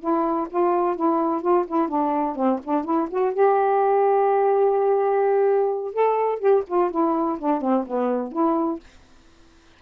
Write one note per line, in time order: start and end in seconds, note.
0.00 0.48 E4
0.50 0.96 F4
0.96 1.41 E4
1.41 1.65 F4
1.67 1.88 E4
1.88 2.36 D4
2.36 2.60 C4
2.64 2.84 D4
2.84 3.08 E4
3.10 3.34 F#4
3.34 5.93 G4
5.93 6.39 A4
6.39 6.63 G4
6.67 6.91 F4
6.91 7.38 E4
7.39 7.61 D4
7.61 7.85 C4
7.87 8.32 B3
8.32 8.79 E4